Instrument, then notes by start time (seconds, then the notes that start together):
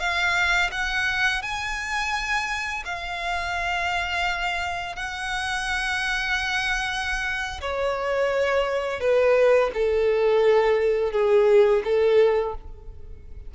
violin
0.00 F5
0.72 F#5
1.42 G#5
2.86 F5
4.96 F#5
7.61 C#5
9.00 B4
9.74 A4
11.12 G#4
11.84 A4